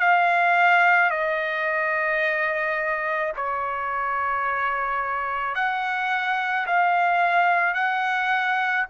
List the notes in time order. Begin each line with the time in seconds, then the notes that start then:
0.00 F5
1.11 D#5
3.36 C#5
5.56 F#5
6.67 F5
7.75 F#5